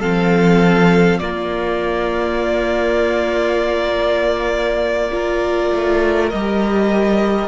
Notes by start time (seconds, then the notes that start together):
0.00 F3 C4 A4 F5
1.19 A#3 F4 D5
5.12 F4 A#4
5.72 A3
6.30 G3 G4 D#5